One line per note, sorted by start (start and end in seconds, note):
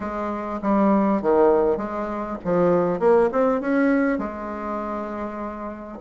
0.00 0.60 G#3
0.62 1.22 G3
1.22 1.77 D#3
1.77 2.37 G#3
2.44 2.99 F3
2.99 3.29 A#3
3.32 3.60 C4
3.60 4.18 C#4
4.18 5.98 G#3